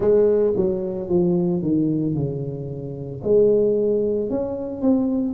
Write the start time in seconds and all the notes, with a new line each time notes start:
0.00 G#3
0.56 F#3
1.09 F3
1.62 D#3
2.14 C#3
3.23 G#3
4.30 C#4
4.81 C4